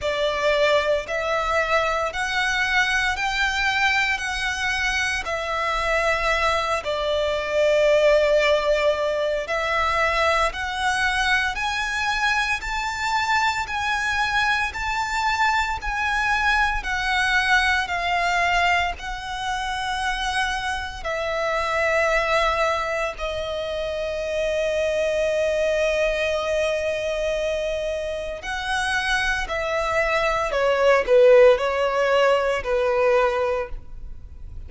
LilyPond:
\new Staff \with { instrumentName = "violin" } { \time 4/4 \tempo 4 = 57 d''4 e''4 fis''4 g''4 | fis''4 e''4. d''4.~ | d''4 e''4 fis''4 gis''4 | a''4 gis''4 a''4 gis''4 |
fis''4 f''4 fis''2 | e''2 dis''2~ | dis''2. fis''4 | e''4 cis''8 b'8 cis''4 b'4 | }